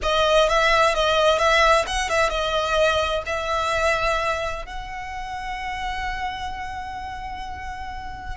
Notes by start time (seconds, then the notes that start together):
0.02 D#5
0.49 E5
0.94 D#5
1.38 E5
1.86 F#5
2.09 E5
2.29 D#5
3.26 E5
4.65 F#5